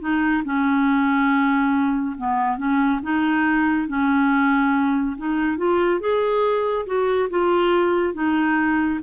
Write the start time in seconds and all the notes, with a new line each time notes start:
0.00 D#4
0.44 C#4
2.17 B3
2.58 C#4
3.02 D#4
3.88 C#4
5.17 D#4
5.57 F4
6.00 G#4
6.86 F#4
7.30 F4
8.14 D#4